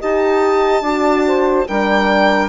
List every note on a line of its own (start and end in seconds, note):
0.00 0.82 D#4
0.00 0.83 G4
0.00 0.82 D#5
0.00 1.68 A5
0.82 1.65 D4
0.82 1.68 F#4
0.82 1.24 D5
1.27 1.67 C5
1.67 2.49 G3
1.67 2.49 D4
1.67 2.49 A#4
1.67 2.49 G5